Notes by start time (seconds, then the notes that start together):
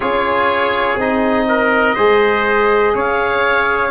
0.00 C#4 F4 G#4 C#5
0.95 C4 D#4 D#5
1.48 A#4
1.94 G#3 G#4 C5
2.94 C#4 C#5 F5